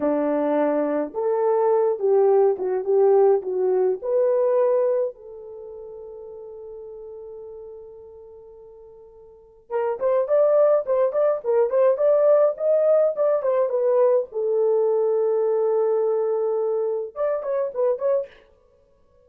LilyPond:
\new Staff \with { instrumentName = "horn" } { \time 4/4 \tempo 4 = 105 d'2 a'4. g'8~ | g'8 fis'8 g'4 fis'4 b'4~ | b'4 a'2.~ | a'1~ |
a'4 ais'8 c''8 d''4 c''8 d''8 | ais'8 c''8 d''4 dis''4 d''8 c''8 | b'4 a'2.~ | a'2 d''8 cis''8 b'8 cis''8 | }